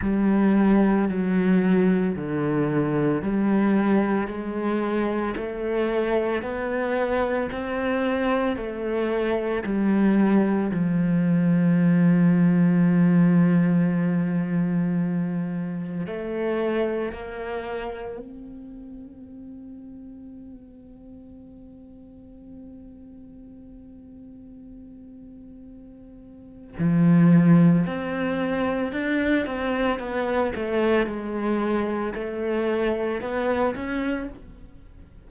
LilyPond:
\new Staff \with { instrumentName = "cello" } { \time 4/4 \tempo 4 = 56 g4 fis4 d4 g4 | gis4 a4 b4 c'4 | a4 g4 f2~ | f2. a4 |
ais4 c'2.~ | c'1~ | c'4 f4 c'4 d'8 c'8 | b8 a8 gis4 a4 b8 cis'8 | }